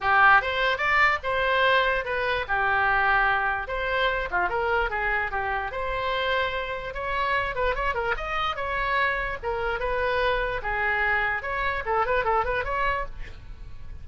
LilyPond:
\new Staff \with { instrumentName = "oboe" } { \time 4/4 \tempo 4 = 147 g'4 c''4 d''4 c''4~ | c''4 b'4 g'2~ | g'4 c''4. f'8 ais'4 | gis'4 g'4 c''2~ |
c''4 cis''4. b'8 cis''8 ais'8 | dis''4 cis''2 ais'4 | b'2 gis'2 | cis''4 a'8 b'8 a'8 b'8 cis''4 | }